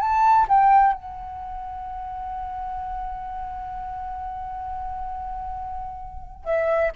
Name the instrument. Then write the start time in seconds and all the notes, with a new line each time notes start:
flute
0.00 A5
0.49 G5
0.94 F#5
6.45 E5